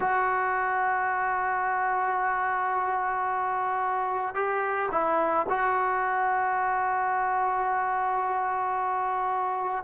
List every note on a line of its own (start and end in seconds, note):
0.00 4.34 F#4
4.34 4.89 G4
4.91 5.46 E4
5.48 9.84 F#4